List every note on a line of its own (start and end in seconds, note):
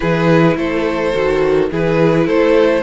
0.00 0.56 E3
0.00 1.12 E4
0.00 0.56 G#4
0.00 0.57 B4
0.56 1.13 A3
0.56 1.70 A4
0.56 1.70 C5
1.13 1.71 D#3
1.13 1.70 F#4
1.70 2.28 E3
1.70 2.82 E4
1.70 2.26 G#4
1.70 2.28 B4
2.26 2.82 A3
2.26 2.82 A4
2.26 2.82 C5